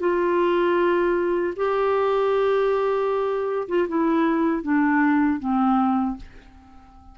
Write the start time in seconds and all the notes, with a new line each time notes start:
0.00 F4
1.56 G4
3.68 F4
3.88 E4
4.63 D4
5.40 C4